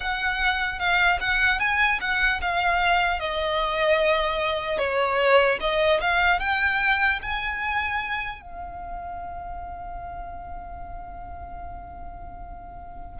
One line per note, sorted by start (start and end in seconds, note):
0.00 0.79 F#5
0.79 1.19 F5
1.20 1.59 F#5
1.59 1.99 G#5
2.00 2.40 F#5
2.41 3.19 F5
3.19 4.78 D#5
4.78 5.58 C#5
5.60 6.00 D#5
6.00 6.39 F5
6.39 7.19 G5
7.22 8.41 G#5
8.41 13.20 F5